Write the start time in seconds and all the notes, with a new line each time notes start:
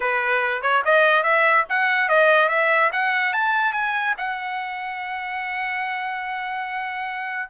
0.00 B4
0.61 C#5
0.84 D#5
1.23 E5
1.69 F#5
2.09 D#5
2.48 E5
2.92 F#5
3.33 A5
3.73 G#5
4.17 F#5